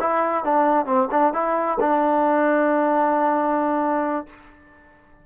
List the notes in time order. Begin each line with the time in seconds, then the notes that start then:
0.00 E4
0.44 D4
0.86 C4
1.11 D4
1.33 E4
1.80 D4